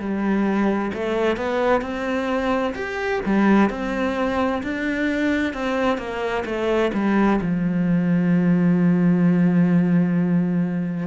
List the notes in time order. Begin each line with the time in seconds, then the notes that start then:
0.00 G3
0.94 A3
1.37 B3
1.82 C4
2.75 G4
3.26 G3
3.70 C4
4.63 D4
5.54 C4
5.98 A#3
6.46 A3
6.94 G3
7.42 F3